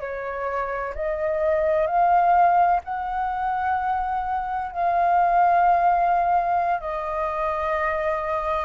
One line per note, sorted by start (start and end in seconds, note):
0.00 0.94 C#5
0.95 1.87 D#5
1.87 2.81 F5
2.84 4.72 F#5
4.72 6.81 F5
6.81 8.65 D#5